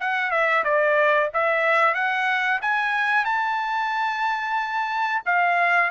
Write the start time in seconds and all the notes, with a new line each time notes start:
0.00 F#5
0.31 E5
0.64 D5
1.34 E5
1.95 F#5
2.62 G#5
3.25 A5
5.25 F5